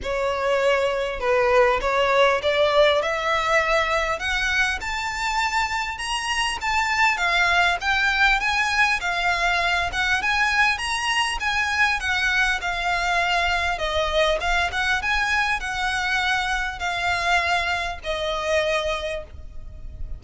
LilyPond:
\new Staff \with { instrumentName = "violin" } { \time 4/4 \tempo 4 = 100 cis''2 b'4 cis''4 | d''4 e''2 fis''4 | a''2 ais''4 a''4 | f''4 g''4 gis''4 f''4~ |
f''8 fis''8 gis''4 ais''4 gis''4 | fis''4 f''2 dis''4 | f''8 fis''8 gis''4 fis''2 | f''2 dis''2 | }